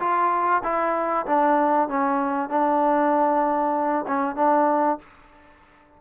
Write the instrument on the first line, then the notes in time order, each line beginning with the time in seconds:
trombone
0.00 F4
0.64 E4
1.26 D4
1.89 C#4
2.50 D4
4.08 C#4
4.36 D4